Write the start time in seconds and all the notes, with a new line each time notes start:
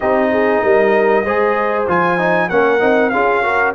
0.00 C4 D#4 G4 D#5
0.31 G#4
0.62 G3 A#4
1.24 G#3 G#4 C5
1.87 F3 F4 G#5
2.18 D#4
2.49 A#3 C#4 A#4 F#5
2.79 C4 D#4
3.09 C#4 F4 G#4 F5
3.43 F#4 A#4